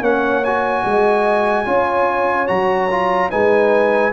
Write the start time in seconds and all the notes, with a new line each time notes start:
0.00 A#3 C#4 C#5 F#5
0.44 F#4 G#5
0.84 G#3 D#5
1.65 C#4 F4 C#5
2.47 F#3 F#4 A#5
2.90 F4
3.30 G#3 D#4 B4 G#5